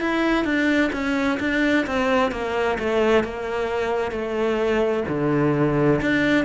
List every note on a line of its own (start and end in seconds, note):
0.00 0.44 E4
0.44 0.90 D4
0.92 1.38 C#4
1.40 1.86 D4
1.86 2.31 C4
2.31 2.77 A#3
2.79 3.23 A3
3.23 4.11 A#3
4.11 5.03 A3
5.08 6.00 D3
6.01 6.45 D4